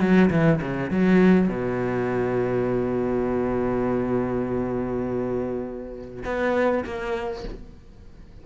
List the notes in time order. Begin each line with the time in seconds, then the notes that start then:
0.00 F#3
0.30 E3
0.61 C#3
0.90 F#3
1.48 B2
6.25 B3
6.84 A#3